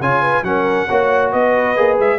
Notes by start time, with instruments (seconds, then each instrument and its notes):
0.00 tuba C#3, trombone F4, horn C#5, trumpet G#5
0.22 horn B4
0.43 tuba F#3, trombone C#4, horn A#4, trumpet F#5
0.88 tuba A#3, trombone F#4, horn C#5
1.32 tuba B3, horn B4, trumpet D#5
1.76 tuba A#3, trombone G#4
1.99 tuba G#3, trumpet E5